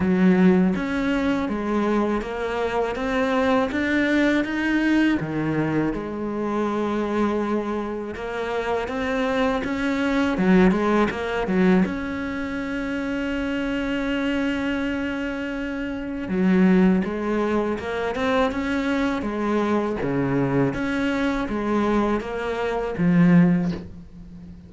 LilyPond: \new Staff \with { instrumentName = "cello" } { \time 4/4 \tempo 4 = 81 fis4 cis'4 gis4 ais4 | c'4 d'4 dis'4 dis4 | gis2. ais4 | c'4 cis'4 fis8 gis8 ais8 fis8 |
cis'1~ | cis'2 fis4 gis4 | ais8 c'8 cis'4 gis4 cis4 | cis'4 gis4 ais4 f4 | }